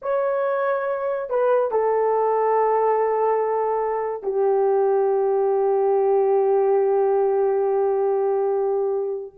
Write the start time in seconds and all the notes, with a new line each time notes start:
0.02 C#5
1.29 B4
1.71 A4
4.22 G4